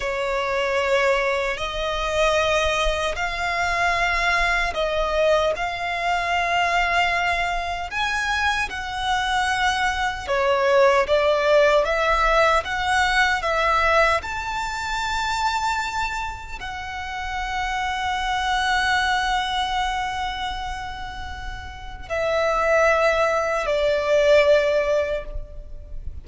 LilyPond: \new Staff \with { instrumentName = "violin" } { \time 4/4 \tempo 4 = 76 cis''2 dis''2 | f''2 dis''4 f''4~ | f''2 gis''4 fis''4~ | fis''4 cis''4 d''4 e''4 |
fis''4 e''4 a''2~ | a''4 fis''2.~ | fis''1 | e''2 d''2 | }